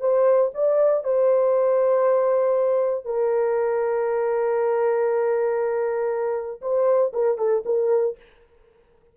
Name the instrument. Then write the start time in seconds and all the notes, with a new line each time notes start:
horn
0.00 C5
0.54 D5
1.04 C5
3.05 A#4
6.61 C5
7.13 A#4
7.38 A4
7.65 A#4